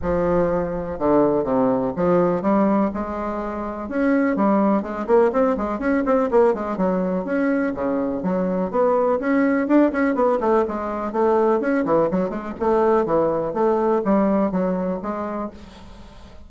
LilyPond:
\new Staff \with { instrumentName = "bassoon" } { \time 4/4 \tempo 4 = 124 f2 d4 c4 | f4 g4 gis2 | cis'4 g4 gis8 ais8 c'8 gis8 | cis'8 c'8 ais8 gis8 fis4 cis'4 |
cis4 fis4 b4 cis'4 | d'8 cis'8 b8 a8 gis4 a4 | cis'8 e8 fis8 gis8 a4 e4 | a4 g4 fis4 gis4 | }